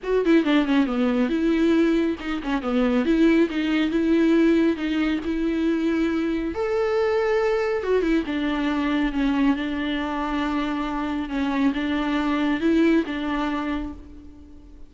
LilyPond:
\new Staff \with { instrumentName = "viola" } { \time 4/4 \tempo 4 = 138 fis'8 e'8 d'8 cis'8 b4 e'4~ | e'4 dis'8 cis'8 b4 e'4 | dis'4 e'2 dis'4 | e'2. a'4~ |
a'2 fis'8 e'8 d'4~ | d'4 cis'4 d'2~ | d'2 cis'4 d'4~ | d'4 e'4 d'2 | }